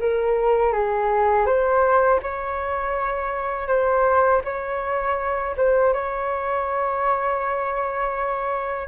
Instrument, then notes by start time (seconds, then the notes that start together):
flute
0.00 A#4
0.73 G#4
1.46 C5
2.22 C#5
3.67 C5
4.44 C#5
5.57 C5
5.93 C#5